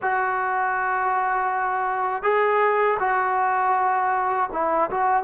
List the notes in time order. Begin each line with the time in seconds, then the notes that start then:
0.02 F#4
2.22 G#4
2.99 F#4
4.52 E4
4.90 F#4